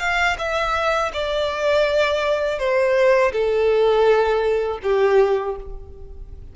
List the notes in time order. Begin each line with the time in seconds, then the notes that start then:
0.00 F5
0.39 E5
1.13 D5
2.59 C5
3.33 A4
4.83 G4